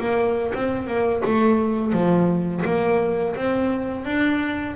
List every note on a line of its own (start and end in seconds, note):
0.00 0.53 A#3
0.55 0.87 C4
0.87 1.23 A#3
1.25 1.93 A3
1.93 2.63 F3
2.65 3.36 A#3
3.36 4.05 C4
4.05 4.76 D4